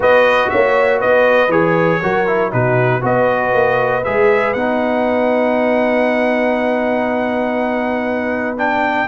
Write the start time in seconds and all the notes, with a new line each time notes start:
0.00 B3 F#4 B4 D#5
0.49 A#3 C#5 E5
0.99 B3 B4 D#5
1.48 E3 G#4 C#5
2.02 F#3 F#4 A#4
2.26 E4
2.51 B2 D#4 F#4 B4
3.01 B3 F#4 B4 D#5
3.53 A#3
4.03 G#3 G#4 E5
4.53 B3 D#4 F#5
8.57 D4 G5